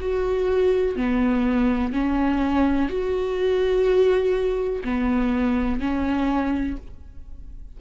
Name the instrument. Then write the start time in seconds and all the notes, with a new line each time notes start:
viola
0.00 F#4
0.96 B3
1.93 C#4
2.89 F#4
4.83 B3
5.80 C#4